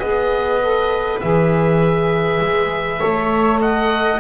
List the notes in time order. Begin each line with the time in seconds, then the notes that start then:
0.00 B3 G#4 B4 D#5
0.61 A4
1.21 E3 G#4 E5
2.41 G#3
3.00 A3 A4 C#5
3.62 D#5 F#5